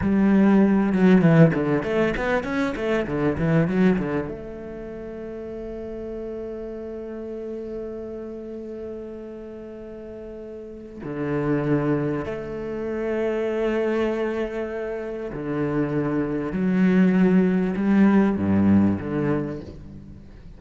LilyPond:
\new Staff \with { instrumentName = "cello" } { \time 4/4 \tempo 4 = 98 g4. fis8 e8 d8 a8 b8 | cis'8 a8 d8 e8 fis8 d8 a4~ | a1~ | a1~ |
a2 d2 | a1~ | a4 d2 fis4~ | fis4 g4 g,4 d4 | }